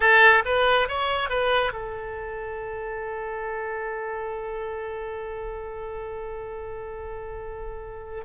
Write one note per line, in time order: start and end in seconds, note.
0.00 0.43 A4
0.45 0.88 B4
0.88 1.29 C#5
1.29 1.72 B4
1.72 8.24 A4